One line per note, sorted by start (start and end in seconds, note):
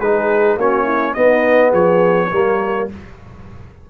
0.00 0.57 G#3
0.00 0.60 D#4
0.00 0.58 G#4
0.00 0.58 B4
0.57 1.15 A#3
0.57 1.16 C#4
0.57 0.84 F#4
0.57 1.14 C#5
0.84 1.13 E4
1.14 2.31 B3
1.14 1.73 B3
1.14 1.70 D#4
1.14 1.72 D#5
1.70 2.31 F3
1.70 2.28 G#4
1.70 2.90 C#5
2.31 2.90 G3
2.31 2.89 A#3
2.31 2.89 A#4